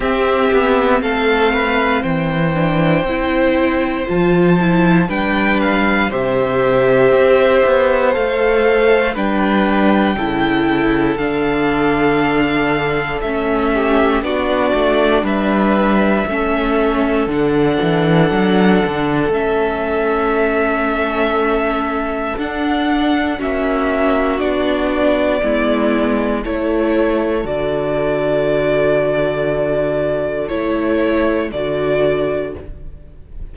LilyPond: <<
  \new Staff \with { instrumentName = "violin" } { \time 4/4 \tempo 4 = 59 e''4 f''4 g''2 | a''4 g''8 f''8 e''2 | f''4 g''2 f''4~ | f''4 e''4 d''4 e''4~ |
e''4 fis''2 e''4~ | e''2 fis''4 e''4 | d''2 cis''4 d''4~ | d''2 cis''4 d''4 | }
  \new Staff \with { instrumentName = "violin" } { \time 4/4 g'4 a'8 b'8 c''2~ | c''4 b'4 c''2~ | c''4 b'4 a'2~ | a'4. g'8 fis'4 b'4 |
a'1~ | a'2. fis'4~ | fis'4 e'4 a'2~ | a'1 | }
  \new Staff \with { instrumentName = "viola" } { \time 4/4 c'2~ c'8 d'8 e'4 | f'8 e'8 d'4 g'2 | a'4 d'4 e'4 d'4~ | d'4 cis'4 d'2 |
cis'4 d'2 cis'4~ | cis'2 d'4 cis'4 | d'4 b4 e'4 fis'4~ | fis'2 e'4 fis'4 | }
  \new Staff \with { instrumentName = "cello" } { \time 4/4 c'8 b8 a4 e4 c'4 | f4 g4 c4 c'8 b8 | a4 g4 cis4 d4~ | d4 a4 b8 a8 g4 |
a4 d8 e8 fis8 d8 a4~ | a2 d'4 ais4 | b4 gis4 a4 d4~ | d2 a4 d4 | }
>>